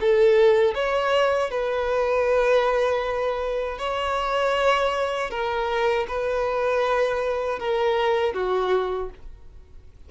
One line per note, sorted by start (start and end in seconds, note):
0.00 0.74 A4
0.74 1.50 C#5
1.50 3.78 B4
3.78 5.30 C#5
5.30 6.06 A#4
6.08 7.59 B4
7.59 8.33 A#4
8.33 9.09 F#4